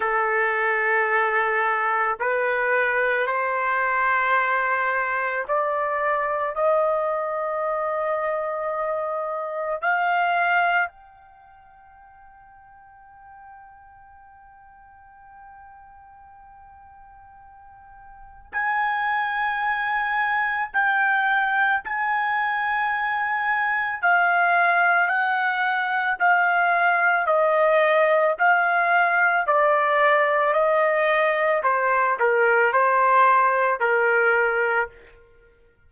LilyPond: \new Staff \with { instrumentName = "trumpet" } { \time 4/4 \tempo 4 = 55 a'2 b'4 c''4~ | c''4 d''4 dis''2~ | dis''4 f''4 g''2~ | g''1~ |
g''4 gis''2 g''4 | gis''2 f''4 fis''4 | f''4 dis''4 f''4 d''4 | dis''4 c''8 ais'8 c''4 ais'4 | }